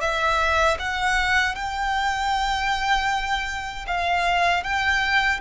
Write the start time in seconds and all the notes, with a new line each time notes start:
0.00 E5
0.79 F#5
1.55 G5
3.86 F5
4.63 G5